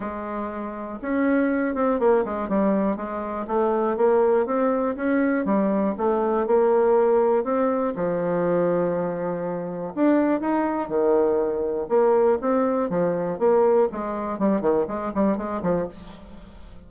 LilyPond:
\new Staff \with { instrumentName = "bassoon" } { \time 4/4 \tempo 4 = 121 gis2 cis'4. c'8 | ais8 gis8 g4 gis4 a4 | ais4 c'4 cis'4 g4 | a4 ais2 c'4 |
f1 | d'4 dis'4 dis2 | ais4 c'4 f4 ais4 | gis4 g8 dis8 gis8 g8 gis8 f8 | }